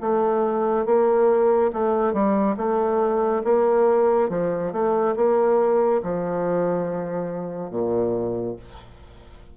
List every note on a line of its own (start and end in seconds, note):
0.00 0.86 A3
0.86 1.71 A#3
1.73 2.13 A3
2.13 2.56 G3
2.57 3.42 A3
3.44 4.29 A#3
4.29 4.72 F3
4.72 5.15 A3
5.16 6.02 A#3
6.03 7.70 F3
7.70 8.56 A#2